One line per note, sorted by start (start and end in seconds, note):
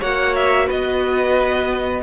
0.00 0.70 A#3
0.00 2.03 F#4
0.00 0.67 C#5
0.00 0.36 F#5
0.36 0.69 E5
0.67 2.03 B3
0.67 2.01 B4
0.67 2.03 D#5